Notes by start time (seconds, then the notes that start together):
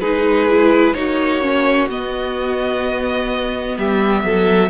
0.00 G#3 D#4 G#4 B4
0.49 E4
0.94 A#3 D#4 F#4 C#5
1.42 C#4
1.89 B3 D#5
3.77 G3 G4 E5
4.24 F#3 A4